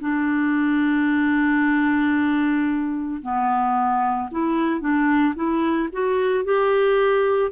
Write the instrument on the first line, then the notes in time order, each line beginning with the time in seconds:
clarinet
0.00 D4
3.22 B3
4.31 E4
4.80 D4
5.35 E4
5.92 F#4
6.44 G4